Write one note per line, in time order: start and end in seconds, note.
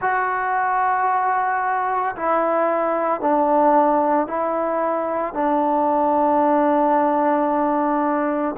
0.01 2.15 F#4
2.16 3.20 E4
3.20 4.27 D4
4.27 5.34 E4
5.34 8.55 D4